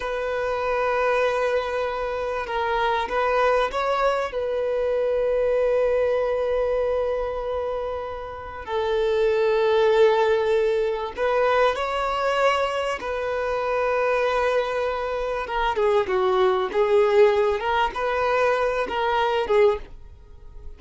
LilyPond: \new Staff \with { instrumentName = "violin" } { \time 4/4 \tempo 4 = 97 b'1 | ais'4 b'4 cis''4 b'4~ | b'1~ | b'2 a'2~ |
a'2 b'4 cis''4~ | cis''4 b'2.~ | b'4 ais'8 gis'8 fis'4 gis'4~ | gis'8 ais'8 b'4. ais'4 gis'8 | }